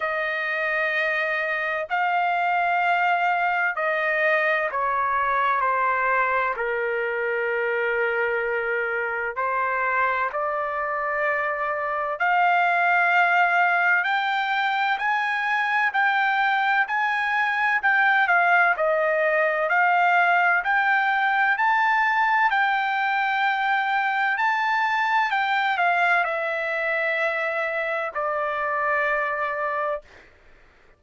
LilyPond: \new Staff \with { instrumentName = "trumpet" } { \time 4/4 \tempo 4 = 64 dis''2 f''2 | dis''4 cis''4 c''4 ais'4~ | ais'2 c''4 d''4~ | d''4 f''2 g''4 |
gis''4 g''4 gis''4 g''8 f''8 | dis''4 f''4 g''4 a''4 | g''2 a''4 g''8 f''8 | e''2 d''2 | }